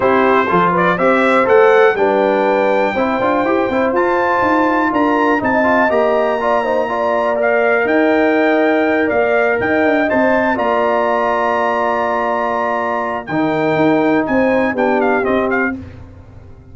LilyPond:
<<
  \new Staff \with { instrumentName = "trumpet" } { \time 4/4 \tempo 4 = 122 c''4. d''8 e''4 fis''4 | g''1 | a''2 ais''4 a''4 | ais''2. f''4 |
g''2~ g''8 f''4 g''8~ | g''8 a''4 ais''2~ ais''8~ | ais''2. g''4~ | g''4 gis''4 g''8 f''8 dis''8 f''8 | }
  \new Staff \with { instrumentName = "horn" } { \time 4/4 g'4 a'8 b'8 c''2 | b'2 c''2~ | c''2 ais'4 dis''4~ | dis''4 d''8 c''8 d''2 |
dis''2~ dis''8 d''4 dis''8~ | dis''4. d''2~ d''8~ | d''2. ais'4~ | ais'4 c''4 g'2 | }
  \new Staff \with { instrumentName = "trombone" } { \time 4/4 e'4 f'4 g'4 a'4 | d'2 e'8 f'8 g'8 e'8 | f'2. dis'8 f'8 | g'4 f'8 dis'8 f'4 ais'4~ |
ais'1~ | ais'8 c''4 f'2~ f'8~ | f'2. dis'4~ | dis'2 d'4 c'4 | }
  \new Staff \with { instrumentName = "tuba" } { \time 4/4 c'4 f4 c'4 a4 | g2 c'8 d'8 e'8 c'8 | f'4 dis'4 d'4 c'4 | ais1 |
dis'2~ dis'8 ais4 dis'8 | d'8 c'4 ais2~ ais8~ | ais2. dis4 | dis'4 c'4 b4 c'4 | }
>>